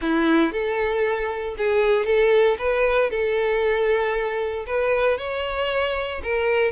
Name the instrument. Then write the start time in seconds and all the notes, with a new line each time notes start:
violin
0.01 E4
0.52 A4
1.57 G#4
2.05 A4
2.58 B4
3.10 A4
4.66 B4
5.17 C#5
6.23 A#4